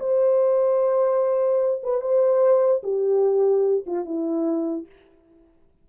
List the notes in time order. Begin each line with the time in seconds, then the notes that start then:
0.00 C5
1.84 B4
2.01 C5
2.84 G4
3.87 F4
4.05 E4